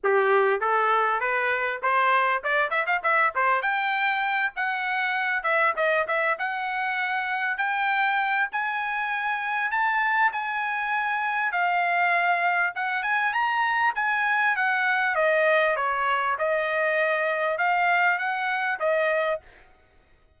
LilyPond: \new Staff \with { instrumentName = "trumpet" } { \time 4/4 \tempo 4 = 99 g'4 a'4 b'4 c''4 | d''8 e''16 f''16 e''8 c''8 g''4. fis''8~ | fis''4 e''8 dis''8 e''8 fis''4.~ | fis''8 g''4. gis''2 |
a''4 gis''2 f''4~ | f''4 fis''8 gis''8 ais''4 gis''4 | fis''4 dis''4 cis''4 dis''4~ | dis''4 f''4 fis''4 dis''4 | }